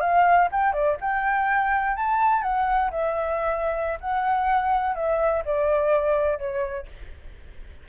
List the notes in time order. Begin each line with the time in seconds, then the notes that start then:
0.00 F5
0.51 G5
0.72 D5
1.00 G5
1.96 A5
2.42 F#5
2.90 E5
4.00 F#5
4.95 E5
5.45 D5
6.38 C#5